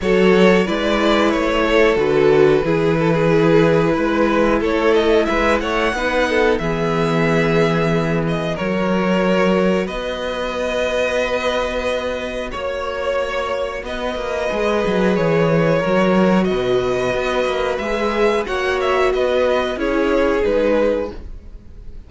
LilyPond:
<<
  \new Staff \with { instrumentName = "violin" } { \time 4/4 \tempo 4 = 91 cis''4 d''4 cis''4 b'4~ | b'2. cis''8 dis''8 | e''8 fis''4. e''2~ | e''8 dis''8 cis''2 dis''4~ |
dis''2. cis''4~ | cis''4 dis''2 cis''4~ | cis''4 dis''2 e''4 | fis''8 e''8 dis''4 cis''4 b'4 | }
  \new Staff \with { instrumentName = "violin" } { \time 4/4 a'4 b'4. a'4. | gis'8 a'16 gis'4~ gis'16 b'4 a'4 | b'8 cis''8 b'8 a'8 gis'2~ | gis'4 ais'2 b'4~ |
b'2. cis''4~ | cis''4 b'2. | ais'4 b'2. | cis''4 b'4 gis'2 | }
  \new Staff \with { instrumentName = "viola" } { \time 4/4 fis'4 e'2 fis'4 | e'1~ | e'4 dis'4 b2~ | b4 fis'2.~ |
fis'1~ | fis'2 gis'2 | fis'2. gis'4 | fis'2 e'4 dis'4 | }
  \new Staff \with { instrumentName = "cello" } { \time 4/4 fis4 gis4 a4 d4 | e2 gis4 a4 | gis8 a8 b4 e2~ | e4 fis2 b4~ |
b2. ais4~ | ais4 b8 ais8 gis8 fis8 e4 | fis4 b,4 b8 ais8 gis4 | ais4 b4 cis'4 gis4 | }
>>